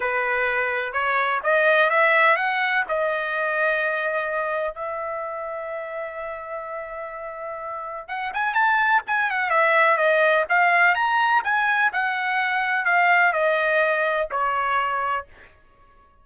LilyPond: \new Staff \with { instrumentName = "trumpet" } { \time 4/4 \tempo 4 = 126 b'2 cis''4 dis''4 | e''4 fis''4 dis''2~ | dis''2 e''2~ | e''1~ |
e''4 fis''8 gis''8 a''4 gis''8 fis''8 | e''4 dis''4 f''4 ais''4 | gis''4 fis''2 f''4 | dis''2 cis''2 | }